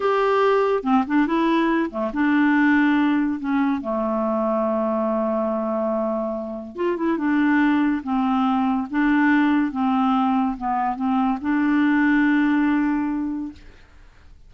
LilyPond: \new Staff \with { instrumentName = "clarinet" } { \time 4/4 \tempo 4 = 142 g'2 c'8 d'8 e'4~ | e'8 a8 d'2. | cis'4 a2.~ | a1 |
f'8 e'8 d'2 c'4~ | c'4 d'2 c'4~ | c'4 b4 c'4 d'4~ | d'1 | }